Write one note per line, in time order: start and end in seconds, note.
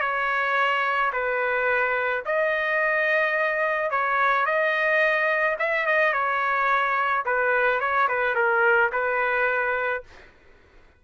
0.00 1.11 C#5
1.12 2.23 B4
2.25 3.91 D#5
3.91 4.45 C#5
4.45 5.57 D#5
5.59 5.86 E5
5.86 6.13 D#5
6.13 7.24 C#5
7.25 7.80 B4
7.80 8.08 C#5
8.08 8.35 B4
8.35 8.90 A#4
8.92 10.03 B4